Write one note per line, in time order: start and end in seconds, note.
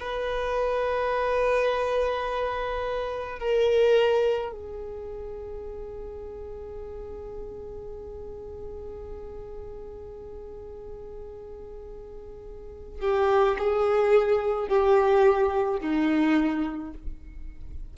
0.00 3.39 B4
3.39 4.52 A#4
4.52 13.00 G#4
13.00 13.56 G4
13.58 14.68 G#4
14.68 15.80 G4
15.80 16.93 D#4